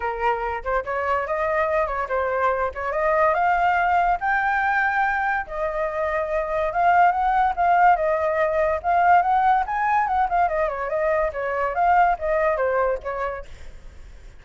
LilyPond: \new Staff \with { instrumentName = "flute" } { \time 4/4 \tempo 4 = 143 ais'4. c''8 cis''4 dis''4~ | dis''8 cis''8 c''4. cis''8 dis''4 | f''2 g''2~ | g''4 dis''2. |
f''4 fis''4 f''4 dis''4~ | dis''4 f''4 fis''4 gis''4 | fis''8 f''8 dis''8 cis''8 dis''4 cis''4 | f''4 dis''4 c''4 cis''4 | }